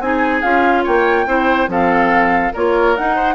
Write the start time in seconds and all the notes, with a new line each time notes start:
0.00 C4 D#4 G#4 G#5
0.42 C#4 F4 F5
0.84 A#3 C#5 G5
1.27 C4 E4 C5
1.68 F3 C4 A4 F5
2.53 A#3 F4 A#4 C#5
2.97 D#4 F#5
3.16 C5